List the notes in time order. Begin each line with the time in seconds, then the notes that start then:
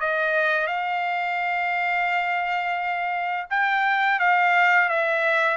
0.00 D#5
0.67 F5
3.50 G5
4.19 F5
4.88 E5